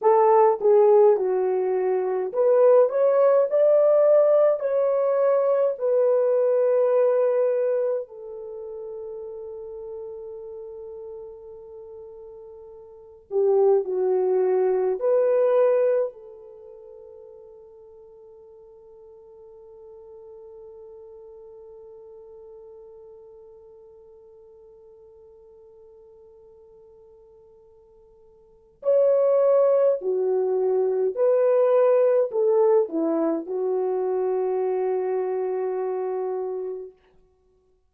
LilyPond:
\new Staff \with { instrumentName = "horn" } { \time 4/4 \tempo 4 = 52 a'8 gis'8 fis'4 b'8 cis''8 d''4 | cis''4 b'2 a'4~ | a'2.~ a'8 g'8 | fis'4 b'4 a'2~ |
a'1~ | a'1~ | a'4 cis''4 fis'4 b'4 | a'8 e'8 fis'2. | }